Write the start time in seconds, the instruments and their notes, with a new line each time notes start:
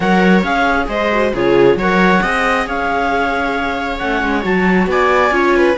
0.00 cello F#3, viola A#4 C#5, clarinet F#5
0.43 cello C#4, viola G#4, clarinet F5
0.88 cello G#3, viola C5, clarinet D#5
1.11 viola F#4
1.33 cello C#3, viola F4 G#4, clarinet C#5
1.75 cello F#3, viola A#4 C#5
1.81 clarinet F#5
2.22 cello C4, viola G#4 D#5
2.66 cello C#4, viola C#5, clarinet F5
3.98 cello A3, viola C#4, clarinet F#5
4.22 cello G#3
4.42 cello F#3, viola F#4, clarinet A5
4.86 cello B3, viola D5, clarinet G#5
5.30 cello C#4, viola F4 C#5
5.56 viola B4